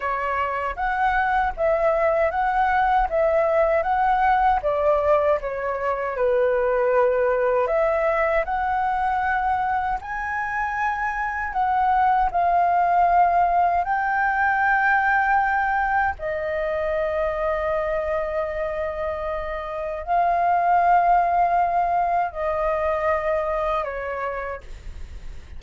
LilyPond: \new Staff \with { instrumentName = "flute" } { \time 4/4 \tempo 4 = 78 cis''4 fis''4 e''4 fis''4 | e''4 fis''4 d''4 cis''4 | b'2 e''4 fis''4~ | fis''4 gis''2 fis''4 |
f''2 g''2~ | g''4 dis''2.~ | dis''2 f''2~ | f''4 dis''2 cis''4 | }